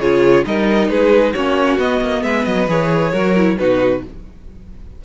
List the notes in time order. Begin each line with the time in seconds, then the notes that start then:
0.00 C#3 F4 G#4 C#5
0.45 G3 D#4 A#4 D#5
0.89 G#3 G#4 B4
1.33 A#3 C#4 F#4 C#5
1.78 B3 D#5
2.01 A#3
2.23 G#3 B4 E5
2.45 F#3 D#5
2.68 E3 G#4 C#5
3.12 F#3 F#4 A#4
3.36 E4
3.58 B2 D#4 F#4 B4